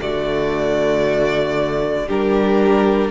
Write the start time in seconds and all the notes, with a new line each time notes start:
0.00 D3 A3 F#4 D5
2.06 G3 D4 G4 A#4